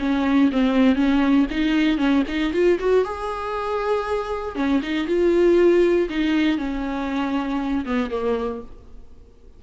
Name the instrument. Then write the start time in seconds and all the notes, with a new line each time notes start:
viola
0.00 C#4
0.52 C4
0.96 C#4
1.51 D#4
1.98 C#4
2.28 D#4
2.54 F4
2.80 F#4
3.05 G#4
4.56 C#4
4.83 D#4
5.08 F4
6.10 D#4
6.58 C#4
7.86 B3
8.11 A#3